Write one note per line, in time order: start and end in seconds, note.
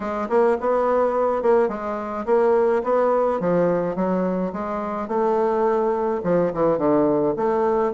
0.00 0.28 G#3
0.29 0.57 A#3
0.60 1.42 B3
1.42 1.68 A#3
1.68 2.25 G#3
2.25 2.82 A#3
2.83 3.40 B3
3.40 3.95 F3
3.95 4.52 F#3
4.53 5.08 G#3
5.08 6.21 A3
6.23 6.52 F3
6.53 6.78 E3
6.78 7.34 D3
7.36 7.92 A3